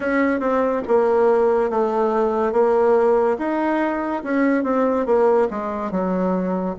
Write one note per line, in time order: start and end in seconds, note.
0.00 0.40 C#4
0.40 0.82 C4
0.87 1.69 A#3
1.69 2.52 A3
2.52 3.36 A#3
3.38 4.23 D#4
4.23 4.63 C#4
4.63 5.06 C4
5.06 5.48 A#3
5.50 5.91 G#3
5.91 6.75 F#3